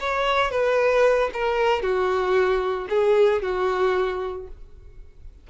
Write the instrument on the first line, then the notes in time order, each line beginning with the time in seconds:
violin
0.00 C#5
0.51 B4
1.33 A#4
1.82 F#4
2.89 G#4
3.42 F#4